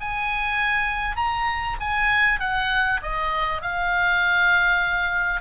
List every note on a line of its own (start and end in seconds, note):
0.00 1.16 G#5
1.16 1.77 A#5
1.80 2.39 G#5
2.39 3.00 F#5
3.02 3.61 D#5
3.61 5.40 F5